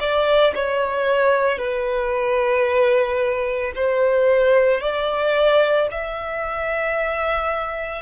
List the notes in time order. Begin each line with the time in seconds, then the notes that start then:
0.00 D5
0.55 C#5
1.58 B4
3.75 C5
4.81 D5
5.91 E5